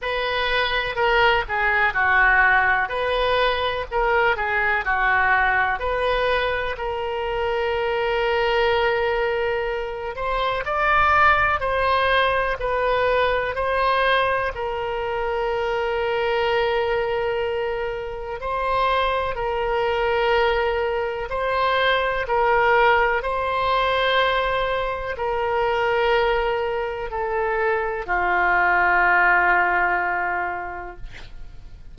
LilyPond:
\new Staff \with { instrumentName = "oboe" } { \time 4/4 \tempo 4 = 62 b'4 ais'8 gis'8 fis'4 b'4 | ais'8 gis'8 fis'4 b'4 ais'4~ | ais'2~ ais'8 c''8 d''4 | c''4 b'4 c''4 ais'4~ |
ais'2. c''4 | ais'2 c''4 ais'4 | c''2 ais'2 | a'4 f'2. | }